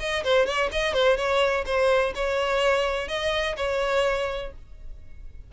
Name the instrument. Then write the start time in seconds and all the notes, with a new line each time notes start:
violin
0.00 D#5
0.24 C5
0.47 C#5
0.72 D#5
0.94 C5
1.17 C#5
1.66 C5
2.16 C#5
3.08 D#5
3.57 C#5